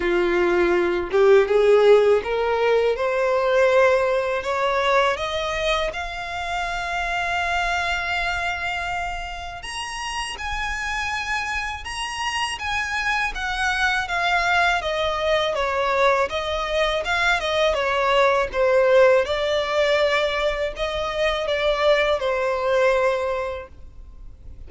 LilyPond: \new Staff \with { instrumentName = "violin" } { \time 4/4 \tempo 4 = 81 f'4. g'8 gis'4 ais'4 | c''2 cis''4 dis''4 | f''1~ | f''4 ais''4 gis''2 |
ais''4 gis''4 fis''4 f''4 | dis''4 cis''4 dis''4 f''8 dis''8 | cis''4 c''4 d''2 | dis''4 d''4 c''2 | }